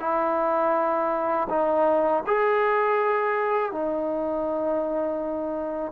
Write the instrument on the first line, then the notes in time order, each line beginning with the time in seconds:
trombone
0.00 E4
1.50 D#4
2.27 G#4
3.72 D#4